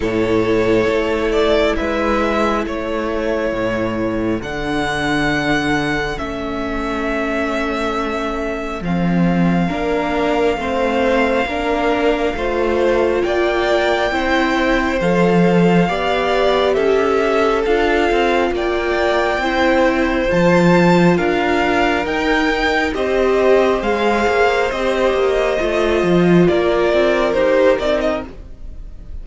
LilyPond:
<<
  \new Staff \with { instrumentName = "violin" } { \time 4/4 \tempo 4 = 68 cis''4. d''8 e''4 cis''4~ | cis''4 fis''2 e''4~ | e''2 f''2~ | f''2. g''4~ |
g''4 f''2 e''4 | f''4 g''2 a''4 | f''4 g''4 dis''4 f''4 | dis''2 d''4 c''8 d''16 dis''16 | }
  \new Staff \with { instrumentName = "violin" } { \time 4/4 a'2 b'4 a'4~ | a'1~ | a'2. ais'4 | c''4 ais'4 c''4 d''4 |
c''2 d''4 a'4~ | a'4 d''4 c''2 | ais'2 c''2~ | c''2 ais'2 | }
  \new Staff \with { instrumentName = "viola" } { \time 4/4 e'1~ | e'4 d'2 cis'4~ | cis'2 c'4 d'4 | c'4 d'4 f'2 |
e'4 a'4 g'2 | f'2 e'4 f'4~ | f'4 dis'4 g'4 gis'4 | g'4 f'2 g'8 dis'8 | }
  \new Staff \with { instrumentName = "cello" } { \time 4/4 a,4 a4 gis4 a4 | a,4 d2 a4~ | a2 f4 ais4 | a4 ais4 a4 ais4 |
c'4 f4 b4 cis'4 | d'8 c'8 ais4 c'4 f4 | d'4 dis'4 c'4 gis8 ais8 | c'8 ais8 a8 f8 ais8 c'8 dis'8 c'8 | }
>>